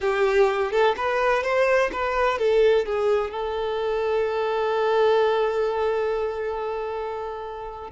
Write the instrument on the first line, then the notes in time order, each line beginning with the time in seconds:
violin
0.00 G4
0.71 A4
0.97 B4
1.43 C5
1.92 B4
2.38 A4
2.85 G#4
3.30 A4